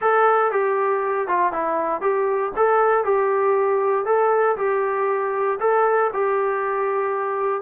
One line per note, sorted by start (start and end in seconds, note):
0.01 0.51 A4
0.51 1.27 G4
1.27 1.52 F4
1.52 2.01 E4
2.01 2.52 G4
2.56 3.04 A4
3.04 4.05 G4
4.05 4.56 A4
4.56 5.58 G4
5.60 6.11 A4
6.13 7.61 G4